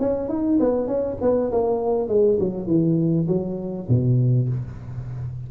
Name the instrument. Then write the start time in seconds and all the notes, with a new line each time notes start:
tuba
0.00 C#4
0.29 D#4
0.60 B3
0.88 C#4
1.22 B3
1.52 A#3
2.09 G#3
2.40 F#3
2.67 E3
3.28 F#3
3.89 B2